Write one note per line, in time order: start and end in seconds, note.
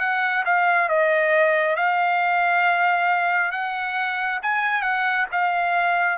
0.00 0.44 F#5
0.45 0.89 F5
0.89 1.76 D#5
1.76 3.52 F5
3.52 4.40 F#5
4.42 4.82 G#5
4.82 5.26 F#5
5.32 6.18 F5